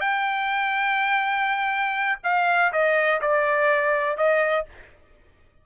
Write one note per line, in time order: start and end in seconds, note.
0.00 2.18 G5
2.23 2.72 F5
2.72 3.20 D#5
3.21 4.17 D5
4.17 4.65 D#5